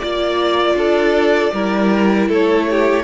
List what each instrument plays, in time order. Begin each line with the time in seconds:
0.00 cello A#3, viola F4, violin D5
0.75 cello D4, violin A4
1.53 cello G3, viola E4, violin A#4
2.29 cello A3, violin A4 C#5
2.70 violin G4